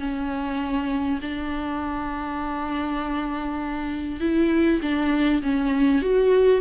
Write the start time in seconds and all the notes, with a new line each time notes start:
0.00 C#4
1.22 D4
4.21 E4
4.82 D4
5.43 C#4
6.02 F#4